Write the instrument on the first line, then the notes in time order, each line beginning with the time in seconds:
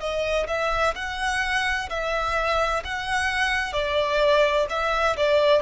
violin
0.00 D#5
0.48 E5
0.95 F#5
1.90 E5
2.85 F#5
3.73 D5
4.70 E5
5.17 D5